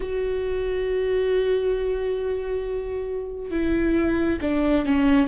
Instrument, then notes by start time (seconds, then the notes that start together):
viola
0.00 F#4
3.51 E4
4.41 D4
4.85 C#4